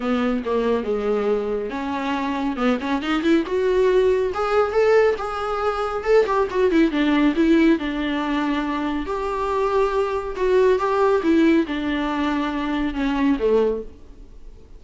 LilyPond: \new Staff \with { instrumentName = "viola" } { \time 4/4 \tempo 4 = 139 b4 ais4 gis2 | cis'2 b8 cis'8 dis'8 e'8 | fis'2 gis'4 a'4 | gis'2 a'8 g'8 fis'8 e'8 |
d'4 e'4 d'2~ | d'4 g'2. | fis'4 g'4 e'4 d'4~ | d'2 cis'4 a4 | }